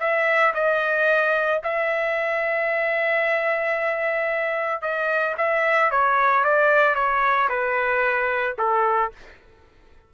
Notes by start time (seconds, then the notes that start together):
0.00 E5
0.54 D#5
1.63 E5
4.82 D#5
5.38 E5
5.91 C#5
6.44 D5
6.95 C#5
7.49 B4
8.58 A4